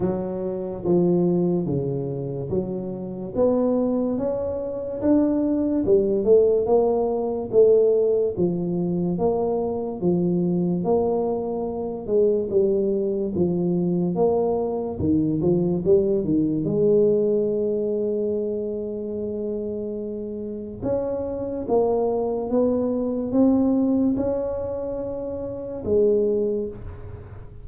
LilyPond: \new Staff \with { instrumentName = "tuba" } { \time 4/4 \tempo 4 = 72 fis4 f4 cis4 fis4 | b4 cis'4 d'4 g8 a8 | ais4 a4 f4 ais4 | f4 ais4. gis8 g4 |
f4 ais4 dis8 f8 g8 dis8 | gis1~ | gis4 cis'4 ais4 b4 | c'4 cis'2 gis4 | }